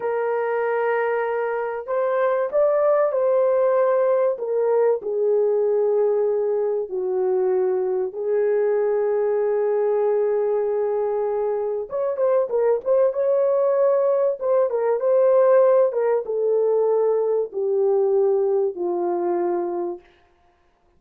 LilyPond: \new Staff \with { instrumentName = "horn" } { \time 4/4 \tempo 4 = 96 ais'2. c''4 | d''4 c''2 ais'4 | gis'2. fis'4~ | fis'4 gis'2.~ |
gis'2. cis''8 c''8 | ais'8 c''8 cis''2 c''8 ais'8 | c''4. ais'8 a'2 | g'2 f'2 | }